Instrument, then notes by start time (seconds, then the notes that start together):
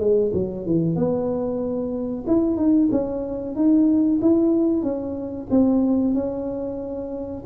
tuba
0.00 G#3
0.34 F#3
0.66 E3
0.96 B3
2.27 E4
2.57 D#4
2.92 C#4
3.56 D#4
4.22 E4
4.83 C#4
5.51 C4
6.14 C#4